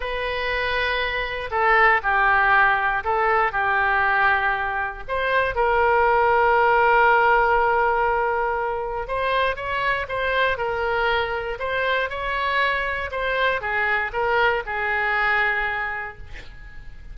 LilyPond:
\new Staff \with { instrumentName = "oboe" } { \time 4/4 \tempo 4 = 119 b'2. a'4 | g'2 a'4 g'4~ | g'2 c''4 ais'4~ | ais'1~ |
ais'2 c''4 cis''4 | c''4 ais'2 c''4 | cis''2 c''4 gis'4 | ais'4 gis'2. | }